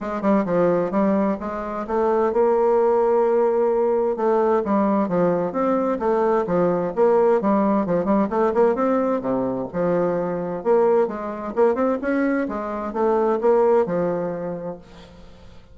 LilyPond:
\new Staff \with { instrumentName = "bassoon" } { \time 4/4 \tempo 4 = 130 gis8 g8 f4 g4 gis4 | a4 ais2.~ | ais4 a4 g4 f4 | c'4 a4 f4 ais4 |
g4 f8 g8 a8 ais8 c'4 | c4 f2 ais4 | gis4 ais8 c'8 cis'4 gis4 | a4 ais4 f2 | }